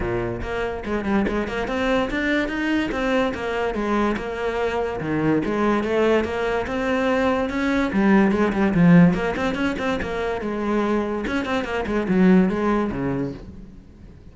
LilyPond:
\new Staff \with { instrumentName = "cello" } { \time 4/4 \tempo 4 = 144 ais,4 ais4 gis8 g8 gis8 ais8 | c'4 d'4 dis'4 c'4 | ais4 gis4 ais2 | dis4 gis4 a4 ais4 |
c'2 cis'4 g4 | gis8 g8 f4 ais8 c'8 cis'8 c'8 | ais4 gis2 cis'8 c'8 | ais8 gis8 fis4 gis4 cis4 | }